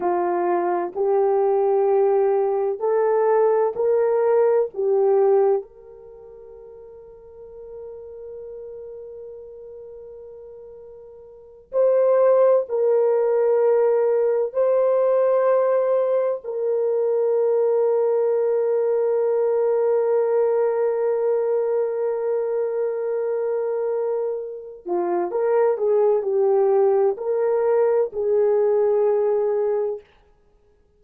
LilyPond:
\new Staff \with { instrumentName = "horn" } { \time 4/4 \tempo 4 = 64 f'4 g'2 a'4 | ais'4 g'4 ais'2~ | ais'1~ | ais'8 c''4 ais'2 c''8~ |
c''4. ais'2~ ais'8~ | ais'1~ | ais'2~ ais'8 f'8 ais'8 gis'8 | g'4 ais'4 gis'2 | }